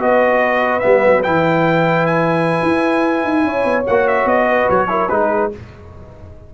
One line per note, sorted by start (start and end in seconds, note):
0.00 0.83 B3
0.00 0.81 F#4
0.00 3.46 B4
0.00 0.79 D#5
0.79 1.23 B3
0.79 1.21 E5
0.86 1.06 G3
1.07 1.26 F#3
1.23 2.62 E3
1.23 3.84 E4
1.23 2.06 G5
2.06 3.83 G#5
2.62 3.24 E4
3.24 3.44 D#4
3.44 3.65 C#4
3.44 4.47 C#5
3.65 3.85 B3
3.87 4.25 A#3
3.87 4.88 F#4
3.87 4.07 F#5
4.08 4.28 E5
4.25 4.67 B3
4.25 4.70 D#5
4.47 4.89 B4
4.70 5.11 F#3
4.70 5.09 C#5
4.88 5.09 E4
4.88 5.12 A#4
5.09 5.53 G#3
5.09 5.52 D#4
5.09 5.54 G#4
5.09 5.51 B4